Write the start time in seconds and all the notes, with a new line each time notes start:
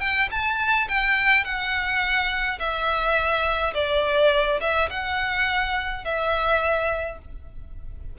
0.00 G5
0.31 A5
0.88 G5
1.44 F#5
2.59 E5
3.74 D5
4.61 E5
4.90 F#5
6.04 E5